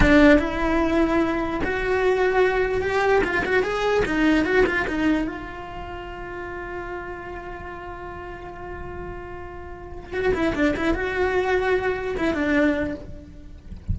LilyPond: \new Staff \with { instrumentName = "cello" } { \time 4/4 \tempo 4 = 148 d'4 e'2. | fis'2. g'4 | f'8 fis'8 gis'4 dis'4 fis'8 f'8 | dis'4 f'2.~ |
f'1~ | f'1~ | f'4 fis'8 e'8 d'8 e'8 fis'4~ | fis'2 e'8 d'4. | }